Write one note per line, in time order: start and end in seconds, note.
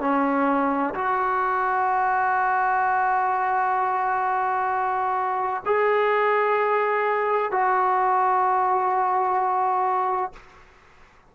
0.00 0.94 C#4
0.94 5.63 F#4
5.65 7.51 G#4
7.51 10.33 F#4